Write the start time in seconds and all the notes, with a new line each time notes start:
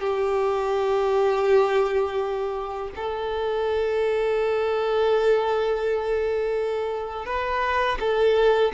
0.00 G4
2.95 A4
7.26 B4
7.99 A4